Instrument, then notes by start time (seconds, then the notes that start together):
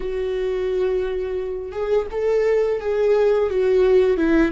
viola
0.00 F#4
1.72 G#4
2.11 A4
2.80 G#4
3.49 F#4
4.17 E4